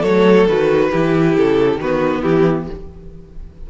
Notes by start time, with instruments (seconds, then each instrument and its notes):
0.00 cello F#3, viola A3, violin A4 C#5
0.47 cello D#3, viola F#4, violin B4
0.91 cello E3, viola E4, violin G4
1.36 cello C#3, violin A4
1.77 cello D#3, viola B3, violin F#4 B4
2.22 cello E3, violin E4 G4